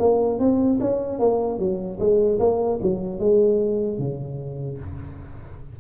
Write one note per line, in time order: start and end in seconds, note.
0.00 0.40 A#3
0.40 0.80 C4
0.81 1.20 C#4
1.20 1.59 A#3
1.59 1.99 F#3
2.00 2.40 G#3
2.40 2.80 A#3
2.83 3.20 F#3
3.20 3.99 G#3
3.99 4.79 C#3